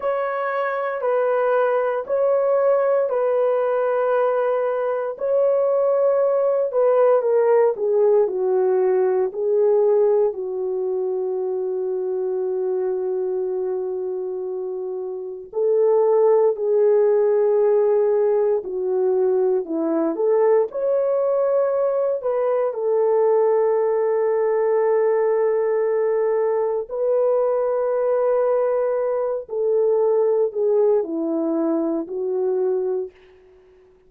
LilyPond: \new Staff \with { instrumentName = "horn" } { \time 4/4 \tempo 4 = 58 cis''4 b'4 cis''4 b'4~ | b'4 cis''4. b'8 ais'8 gis'8 | fis'4 gis'4 fis'2~ | fis'2. a'4 |
gis'2 fis'4 e'8 a'8 | cis''4. b'8 a'2~ | a'2 b'2~ | b'8 a'4 gis'8 e'4 fis'4 | }